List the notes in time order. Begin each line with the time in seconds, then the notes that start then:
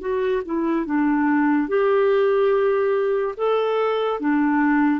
0.00 F#4
0.45 E4
0.86 D4
1.68 G4
3.37 A4
4.20 D4